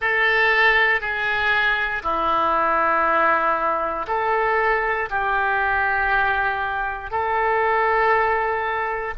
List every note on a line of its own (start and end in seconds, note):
0.00 1.00 A4
1.00 2.02 G#4
2.02 4.06 E4
4.07 5.08 A4
5.09 7.10 G4
7.10 9.14 A4